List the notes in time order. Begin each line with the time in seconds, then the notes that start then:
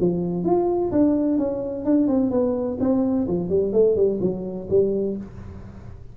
0.00 F3
0.44 F4
0.91 D4
1.38 C#4
1.85 D4
2.08 C4
2.31 B3
2.80 C4
3.28 F3
3.49 G3
3.73 A3
3.96 G3
4.21 F#3
4.70 G3